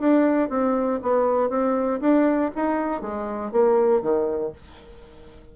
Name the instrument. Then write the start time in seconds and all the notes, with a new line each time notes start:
bassoon
0.00 D4
0.50 C4
1.03 B3
1.50 C4
2.01 D4
2.56 D#4
3.02 G#3
3.52 A#3
4.02 D#3